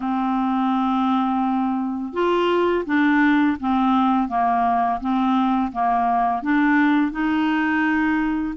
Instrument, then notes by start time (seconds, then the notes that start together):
clarinet
0.00 C4
2.13 F4
2.85 D4
3.59 C4
4.28 A#3
5.00 C4
5.71 A#3
6.42 D4
7.11 D#4